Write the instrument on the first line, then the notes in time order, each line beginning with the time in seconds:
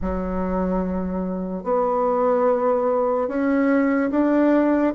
bassoon
0.01 F#3
1.63 B3
3.28 C#4
4.11 D4